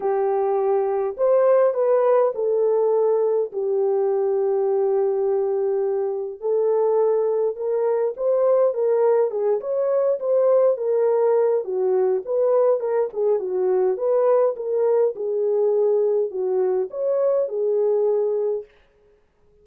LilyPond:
\new Staff \with { instrumentName = "horn" } { \time 4/4 \tempo 4 = 103 g'2 c''4 b'4 | a'2 g'2~ | g'2. a'4~ | a'4 ais'4 c''4 ais'4 |
gis'8 cis''4 c''4 ais'4. | fis'4 b'4 ais'8 gis'8 fis'4 | b'4 ais'4 gis'2 | fis'4 cis''4 gis'2 | }